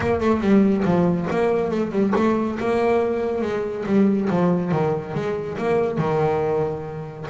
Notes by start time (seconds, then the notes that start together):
0.00 A#3
0.20 A3
0.41 G3
0.85 F3
1.30 A#3
1.70 A3
1.91 G3
2.15 A3
2.59 A#3
3.41 G#3
3.86 G3
4.30 F3
4.71 D#3
5.14 G#3
5.57 A#3
5.98 D#3